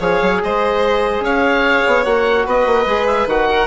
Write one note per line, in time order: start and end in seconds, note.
0.00 0.20 F3
0.00 2.05 G#4
0.00 0.41 C#5
0.00 0.42 F5
0.22 0.42 F#3
0.43 1.20 G#3
0.43 1.24 C5
0.43 1.24 D#5
1.20 1.81 C#4
1.20 2.45 C#5
1.20 2.05 F5
1.87 2.05 B3
2.05 2.46 A#3
2.05 2.87 F#4
2.05 2.46 F#5
2.45 2.66 B3
2.45 3.48 B4
2.45 3.07 D#5
2.66 2.86 A#3
2.86 3.26 G#3
2.86 3.28 G#4
3.07 3.27 E5
3.26 3.67 D#3
3.26 3.67 F#4
3.26 3.67 F#5
3.49 3.67 A#4